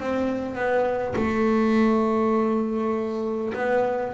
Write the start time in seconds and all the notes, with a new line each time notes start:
0.00 C4
0.55 B3
1.16 A3
3.54 B3